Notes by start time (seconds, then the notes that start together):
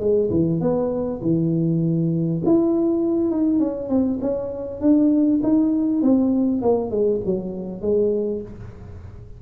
0.00 G#3
0.31 E3
0.61 B3
1.22 E3
2.46 E4
3.31 D#4
3.59 C#4
3.89 C4
4.22 C#4
4.81 D4
5.43 D#4
6.02 C4
6.62 A#3
6.91 G#3
7.26 F#3
7.82 G#3